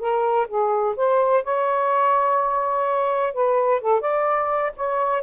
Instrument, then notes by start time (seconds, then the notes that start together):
saxophone
0.00 A#4
0.48 G#4
0.97 C5
1.45 C#5
3.34 B4
3.82 A4
4.01 D5
4.77 C#5